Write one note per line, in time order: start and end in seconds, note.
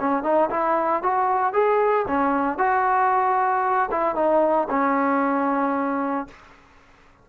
0.00 0.23 C#4
0.23 0.50 D#4
0.50 1.03 E4
1.03 1.54 F#4
1.54 2.06 G#4
2.08 2.58 C#4
2.58 3.90 F#4
3.91 4.16 E4
4.16 4.68 D#4
4.70 6.28 C#4